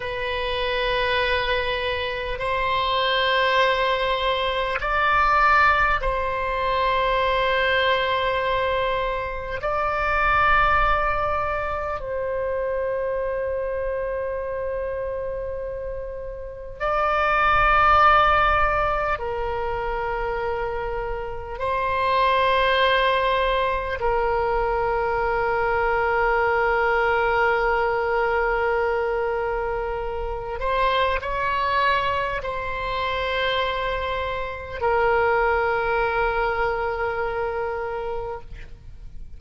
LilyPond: \new Staff \with { instrumentName = "oboe" } { \time 4/4 \tempo 4 = 50 b'2 c''2 | d''4 c''2. | d''2 c''2~ | c''2 d''2 |
ais'2 c''2 | ais'1~ | ais'4. c''8 cis''4 c''4~ | c''4 ais'2. | }